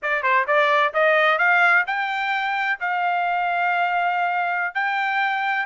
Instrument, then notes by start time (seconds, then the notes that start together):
trumpet
0.02 D5
0.22 C5
0.47 D5
0.93 D#5
1.38 F5
1.87 G5
2.80 F5
4.74 G5